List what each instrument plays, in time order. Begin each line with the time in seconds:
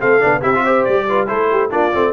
0.00 tuba A3, trombone C4, horn A4, trumpet F5
0.20 tuba B3, trombone D4
0.42 tuba C4, trombone E4, horn G4, trumpet E5
0.55 trombone F4
0.65 trombone G4, horn C5
0.85 tuba G3, trumpet D5
1.09 trombone F4, horn B4
1.27 tuba A3, trombone E4, horn A4, trumpet C5
1.52 horn G4
1.71 tuba A#3, trombone D4, horn F4, trumpet D5
1.94 tuba A3, trombone C4